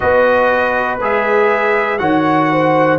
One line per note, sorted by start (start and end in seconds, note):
0.00 1.00 B3
0.00 0.99 F#4
0.00 2.00 B4
0.00 0.98 D#5
1.00 2.00 G#3
1.00 1.98 G#4
1.00 1.98 E5
1.98 2.99 D#3
1.98 2.98 F#4
1.98 2.50 C#5
1.98 2.98 F#5
2.51 2.99 C5